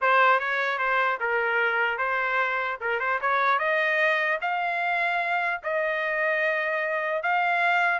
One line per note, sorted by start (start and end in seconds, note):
0.01 0.39 C5
0.39 0.78 C#5
0.78 1.18 C5
1.20 1.97 A#4
1.97 2.77 C5
2.81 2.99 A#4
2.99 3.19 C5
3.21 3.58 C#5
3.58 4.38 D#5
4.41 5.61 F5
5.63 7.22 D#5
7.22 7.99 F5